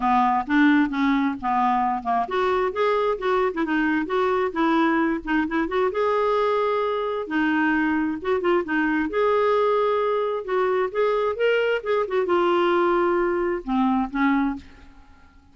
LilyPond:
\new Staff \with { instrumentName = "clarinet" } { \time 4/4 \tempo 4 = 132 b4 d'4 cis'4 b4~ | b8 ais8 fis'4 gis'4 fis'8. e'16 | dis'4 fis'4 e'4. dis'8 | e'8 fis'8 gis'2. |
dis'2 fis'8 f'8 dis'4 | gis'2. fis'4 | gis'4 ais'4 gis'8 fis'8 f'4~ | f'2 c'4 cis'4 | }